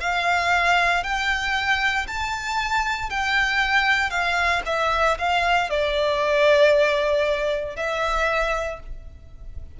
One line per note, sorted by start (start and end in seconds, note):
0.00 1.03 F5
1.03 2.06 G5
2.07 3.09 A5
3.09 4.10 G5
4.10 4.61 F5
4.66 5.17 E5
5.18 5.69 F5
5.69 7.76 D5
7.76 8.79 E5